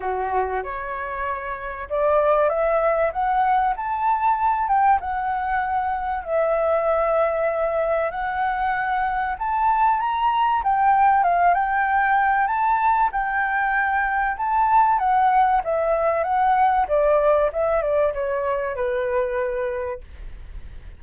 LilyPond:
\new Staff \with { instrumentName = "flute" } { \time 4/4 \tempo 4 = 96 fis'4 cis''2 d''4 | e''4 fis''4 a''4. g''8 | fis''2 e''2~ | e''4 fis''2 a''4 |
ais''4 g''4 f''8 g''4. | a''4 g''2 a''4 | fis''4 e''4 fis''4 d''4 | e''8 d''8 cis''4 b'2 | }